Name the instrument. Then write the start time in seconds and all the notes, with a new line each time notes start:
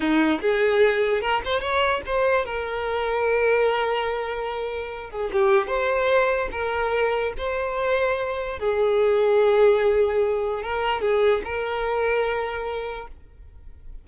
violin
0.00 D#4
0.41 G#4
1.21 A#4
1.44 C5
1.60 C#5
2.06 C5
2.45 A#4
5.10 G#4
5.32 G4
5.67 C5
6.51 A#4
7.37 C5
8.59 G#4
10.62 A#4
11.01 G#4
11.44 A#4